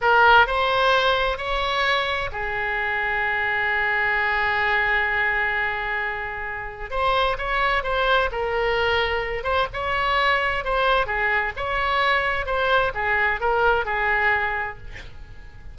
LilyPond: \new Staff \with { instrumentName = "oboe" } { \time 4/4 \tempo 4 = 130 ais'4 c''2 cis''4~ | cis''4 gis'2.~ | gis'1~ | gis'2. c''4 |
cis''4 c''4 ais'2~ | ais'8 c''8 cis''2 c''4 | gis'4 cis''2 c''4 | gis'4 ais'4 gis'2 | }